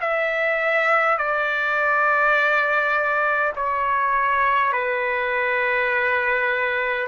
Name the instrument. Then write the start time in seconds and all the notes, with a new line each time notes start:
trumpet
0.00 E5
1.17 D5
3.55 C#5
4.72 B4